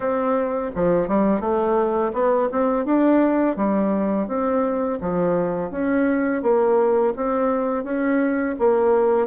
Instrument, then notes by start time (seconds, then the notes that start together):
bassoon
0.00 C4
0.75 F3
1.08 G3
1.40 A3
2.13 B3
2.51 C4
2.85 D4
3.56 G3
4.27 C4
5.01 F3
5.70 C#4
6.42 A#3
7.16 C4
7.84 C#4
8.58 A#3